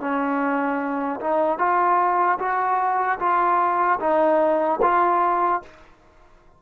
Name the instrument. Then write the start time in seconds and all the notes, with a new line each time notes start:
trombone
0.00 C#4
1.20 D#4
1.59 F4
2.39 F#4
3.19 F4
4.00 D#4
4.82 F4